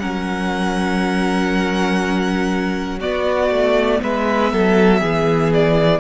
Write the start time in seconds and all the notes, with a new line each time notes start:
0.00 F#3 C#4 A#4 F#5
2.99 B3 F#4 D5
3.51 A3
4.03 G#3 B4 E5
4.53 F#3 A4
5.01 E3 G#4
5.54 D5